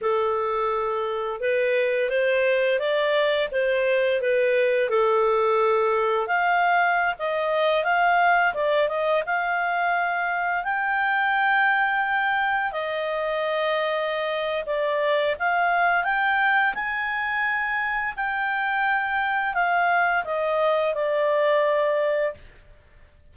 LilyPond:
\new Staff \with { instrumentName = "clarinet" } { \time 4/4 \tempo 4 = 86 a'2 b'4 c''4 | d''4 c''4 b'4 a'4~ | a'4 f''4~ f''16 dis''4 f''8.~ | f''16 d''8 dis''8 f''2 g''8.~ |
g''2~ g''16 dis''4.~ dis''16~ | dis''4 d''4 f''4 g''4 | gis''2 g''2 | f''4 dis''4 d''2 | }